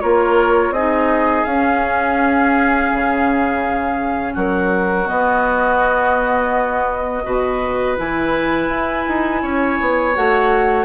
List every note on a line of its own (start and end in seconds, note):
0.00 0.70 A#3
0.00 0.73 F4
0.00 0.73 A#4
0.00 0.72 C#5
0.70 1.42 C4
0.70 1.47 D#4
0.70 4.33 G#4
0.70 1.44 D#5
1.44 2.91 C#4
1.44 5.07 C#4
1.44 4.33 F5
2.92 4.35 C#3
4.33 5.08 F#3
4.33 7.22 F#4
4.33 5.07 A#4
5.07 7.23 B3
5.07 7.26 B3
5.07 7.96 D#5
7.23 7.98 B2
7.23 7.95 F#4
7.23 9.42 B4
7.96 8.68 E3
7.96 10.13 E4
7.96 10.15 G#5
8.68 9.04 E4
9.08 9.42 D#4
9.42 9.79 C#4
9.42 10.84 C#5
9.80 10.16 B3
10.14 10.84 A3
10.14 10.84 F#4
10.14 10.84 F#5